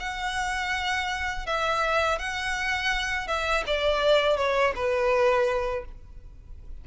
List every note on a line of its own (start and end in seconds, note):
0.00 1.46 F#5
1.46 2.19 E5
2.19 3.28 F#5
3.28 3.64 E5
3.67 4.37 D5
4.37 4.74 C#5
4.75 5.85 B4